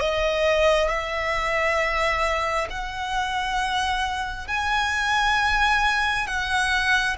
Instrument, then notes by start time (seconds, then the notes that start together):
violin
0.00 D#5
0.89 E5
2.70 F#5
4.47 G#5
6.26 F#5